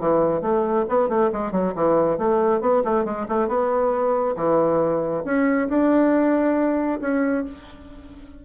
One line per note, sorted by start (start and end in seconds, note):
0.00 0.42 E3
0.42 0.86 A3
0.89 1.09 B3
1.09 1.31 A3
1.33 1.52 G#3
1.52 1.74 F#3
1.76 2.18 E3
2.18 2.61 A3
2.61 2.83 B3
2.85 3.05 A3
3.05 3.27 G#3
3.29 3.48 A3
3.48 4.36 B3
4.37 5.24 E3
5.25 5.69 C#4
5.69 7.01 D4
7.01 7.45 C#4